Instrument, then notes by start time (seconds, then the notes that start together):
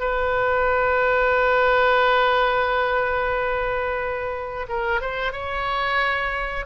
oboe
0.00 B4
4.69 A#4
5.01 C5
5.32 C#5